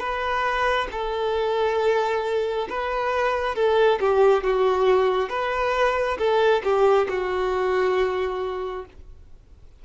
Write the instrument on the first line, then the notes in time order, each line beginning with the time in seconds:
violin
0.00 B4
0.92 A4
2.70 B4
3.55 A4
4.00 G4
4.44 F#4
5.30 B4
6.19 A4
6.64 G4
7.09 F#4